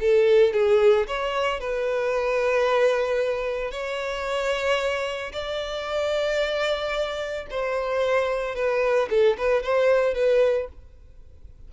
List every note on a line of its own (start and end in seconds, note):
0.00 0.53 A4
0.53 1.07 G#4
1.07 1.60 C#5
1.60 3.72 B4
3.72 5.32 C#5
5.33 7.47 D5
7.51 8.55 C5
8.55 9.09 B4
9.10 9.37 A4
9.38 9.63 B4
9.63 10.15 C5
10.15 10.68 B4